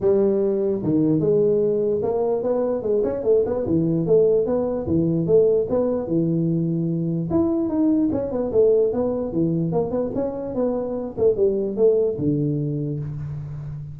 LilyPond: \new Staff \with { instrumentName = "tuba" } { \time 4/4 \tempo 4 = 148 g2 dis4 gis4~ | gis4 ais4 b4 gis8 cis'8 | a8 b8 e4 a4 b4 | e4 a4 b4 e4~ |
e2 e'4 dis'4 | cis'8 b8 a4 b4 e4 | ais8 b8 cis'4 b4. a8 | g4 a4 d2 | }